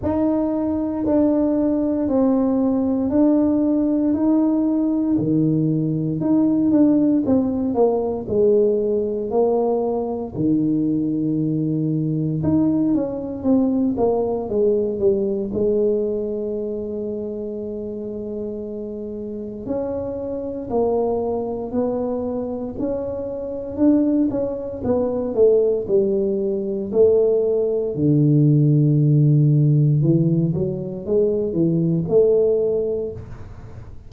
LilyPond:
\new Staff \with { instrumentName = "tuba" } { \time 4/4 \tempo 4 = 58 dis'4 d'4 c'4 d'4 | dis'4 dis4 dis'8 d'8 c'8 ais8 | gis4 ais4 dis2 | dis'8 cis'8 c'8 ais8 gis8 g8 gis4~ |
gis2. cis'4 | ais4 b4 cis'4 d'8 cis'8 | b8 a8 g4 a4 d4~ | d4 e8 fis8 gis8 e8 a4 | }